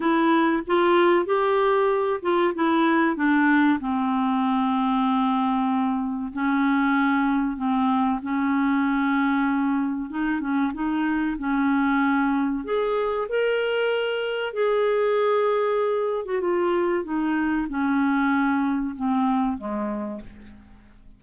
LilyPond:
\new Staff \with { instrumentName = "clarinet" } { \time 4/4 \tempo 4 = 95 e'4 f'4 g'4. f'8 | e'4 d'4 c'2~ | c'2 cis'2 | c'4 cis'2. |
dis'8 cis'8 dis'4 cis'2 | gis'4 ais'2 gis'4~ | gis'4.~ gis'16 fis'16 f'4 dis'4 | cis'2 c'4 gis4 | }